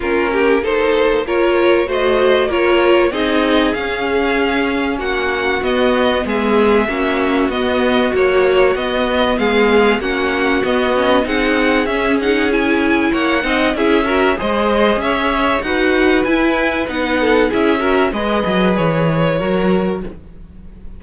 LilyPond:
<<
  \new Staff \with { instrumentName = "violin" } { \time 4/4 \tempo 4 = 96 ais'4 c''4 cis''4 dis''4 | cis''4 dis''4 f''2 | fis''4 dis''4 e''2 | dis''4 cis''4 dis''4 f''4 |
fis''4 dis''4 fis''4 e''8 fis''8 | gis''4 fis''4 e''4 dis''4 | e''4 fis''4 gis''4 fis''4 | e''4 dis''4 cis''2 | }
  \new Staff \with { instrumentName = "violin" } { \time 4/4 f'8 g'8 a'4 ais'4 c''4 | ais'4 gis'2. | fis'2 gis'4 fis'4~ | fis'2. gis'4 |
fis'2 gis'2~ | gis'4 cis''8 dis''8 gis'8 ais'8 c''4 | cis''4 b'2~ b'8 a'8 | gis'8 ais'8 b'2 ais'4 | }
  \new Staff \with { instrumentName = "viola" } { \time 4/4 cis'4 dis'4 f'4 fis'4 | f'4 dis'4 cis'2~ | cis'4 b2 cis'4 | b4 fis4 b2 |
cis'4 b8 cis'8 dis'4 cis'8 dis'8 | e'4. dis'8 e'8 fis'8 gis'4~ | gis'4 fis'4 e'4 dis'4 | e'8 fis'8 gis'2 fis'4 | }
  \new Staff \with { instrumentName = "cello" } { \time 4/4 ais2. a4 | ais4 c'4 cis'2 | ais4 b4 gis4 ais4 | b4 ais4 b4 gis4 |
ais4 b4 c'4 cis'4~ | cis'4 ais8 c'8 cis'4 gis4 | cis'4 dis'4 e'4 b4 | cis'4 gis8 fis8 e4 fis4 | }
>>